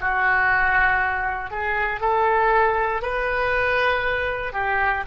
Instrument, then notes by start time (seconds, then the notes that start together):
oboe
0.00 F#4
1.50 G#4
2.00 A4
3.01 B4
4.53 G4